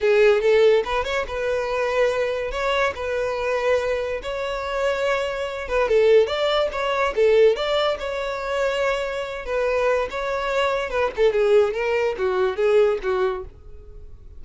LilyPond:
\new Staff \with { instrumentName = "violin" } { \time 4/4 \tempo 4 = 143 gis'4 a'4 b'8 cis''8 b'4~ | b'2 cis''4 b'4~ | b'2 cis''2~ | cis''4. b'8 a'4 d''4 |
cis''4 a'4 d''4 cis''4~ | cis''2~ cis''8 b'4. | cis''2 b'8 a'8 gis'4 | ais'4 fis'4 gis'4 fis'4 | }